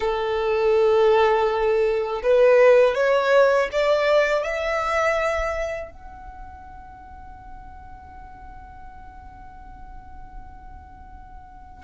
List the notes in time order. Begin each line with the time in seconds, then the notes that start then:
0.00 A4
2.22 B4
2.95 C#5
3.72 D5
4.43 E5
5.91 F#5